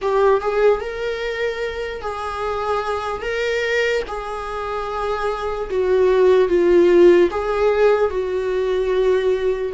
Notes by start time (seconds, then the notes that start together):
0.01 G4
0.41 G#4
0.80 A#4
2.01 G#4
3.21 A#4
4.07 G#4
5.69 F#4
6.48 F4
7.30 G#4
8.10 F#4